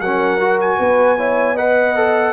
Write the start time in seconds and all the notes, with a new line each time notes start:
0.00 F#3 C#4 A#4 F#5
0.40 F#4
0.60 G#5
0.78 B3 B4
1.17 E4 C#5
1.54 B4 D#5 F#5
1.95 A4